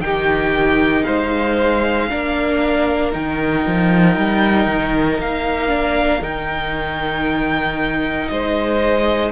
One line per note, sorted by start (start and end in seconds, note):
0.00 1.03 D#3
0.00 2.10 D#4
0.00 1.05 G4
0.00 1.04 G5
1.04 2.11 G#3
1.04 2.08 C5
1.04 3.11 F5
2.10 3.14 A#3
2.10 3.12 D4
2.10 8.31 A#4
3.12 3.66 D#3
3.12 5.68 D#4
3.12 5.20 G5
3.67 4.17 F3
4.17 4.67 G3
4.67 5.19 D#3
5.19 6.21 A#3
5.19 6.23 F5
5.68 6.20 D4
6.21 8.28 D#3
6.21 9.32 D#4
6.21 8.28 G5
8.28 9.32 G#3
8.28 9.32 C5
8.28 9.31 D#5